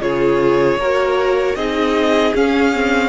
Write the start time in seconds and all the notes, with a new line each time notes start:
0.00 C#3 F4 G#4 C#5
0.77 A#3 F#4 A#4
1.55 C4 D#4 G#4 D#5
2.34 C#4 F5
2.74 C4